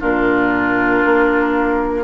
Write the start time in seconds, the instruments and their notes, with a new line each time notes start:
0.00 bassoon A#2, clarinet D4, oboe F4, flute A#4
1.06 bassoon A#3